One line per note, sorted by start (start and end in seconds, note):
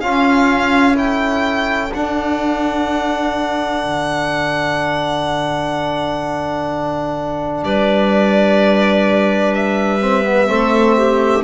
0.00 1.91 C#4
0.00 0.96 C#4
0.00 0.94 F4
0.00 0.95 F5
0.94 1.89 E4
0.94 7.62 A4
0.94 1.92 G5
1.93 3.83 D4
1.93 10.01 D4
1.93 7.63 F#5
3.83 7.63 D3
7.63 10.48 G3
7.63 10.48 B4
7.63 9.53 D5
9.53 11.43 E5
10.01 10.24 C4
10.24 10.46 B3
10.46 11.43 A3
10.46 11.41 C4
10.46 10.95 A4
10.96 11.43 G4